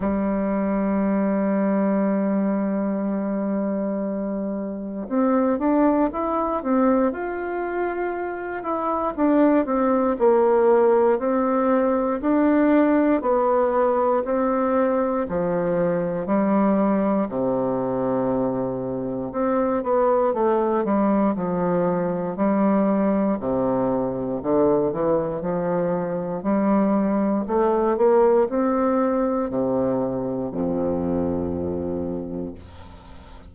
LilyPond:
\new Staff \with { instrumentName = "bassoon" } { \time 4/4 \tempo 4 = 59 g1~ | g4 c'8 d'8 e'8 c'8 f'4~ | f'8 e'8 d'8 c'8 ais4 c'4 | d'4 b4 c'4 f4 |
g4 c2 c'8 b8 | a8 g8 f4 g4 c4 | d8 e8 f4 g4 a8 ais8 | c'4 c4 f,2 | }